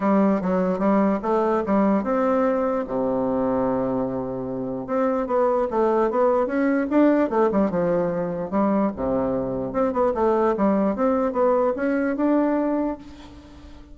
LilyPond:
\new Staff \with { instrumentName = "bassoon" } { \time 4/4 \tempo 4 = 148 g4 fis4 g4 a4 | g4 c'2 c4~ | c1 | c'4 b4 a4 b4 |
cis'4 d'4 a8 g8 f4~ | f4 g4 c2 | c'8 b8 a4 g4 c'4 | b4 cis'4 d'2 | }